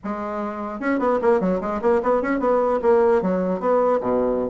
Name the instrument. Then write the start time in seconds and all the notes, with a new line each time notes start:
bassoon
0.04 G#3
0.80 C#4
0.99 B3
1.21 A#3
1.40 F#3
1.60 G#3
1.81 A#3
2.03 B3
2.22 C#4
2.39 B3
2.81 A#3
3.22 F#3
3.60 B3
4.00 B2